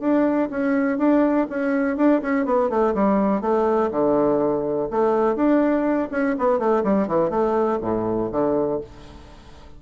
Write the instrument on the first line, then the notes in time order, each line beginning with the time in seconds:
bassoon
0.00 D4
0.50 C#4
0.98 D4
1.50 C#4
1.97 D4
2.22 C#4
2.45 B3
2.69 A3
2.94 G3
3.41 A3
3.91 D3
4.90 A3
5.36 D4
6.11 C#4
6.39 B3
6.59 A3
6.83 G3
7.08 E3
7.30 A3
7.82 A2
8.32 D3